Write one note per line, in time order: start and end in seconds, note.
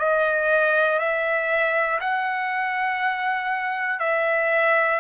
0.00 1.00 D#5
1.00 2.00 E5
2.01 4.00 F#5
4.00 5.00 E5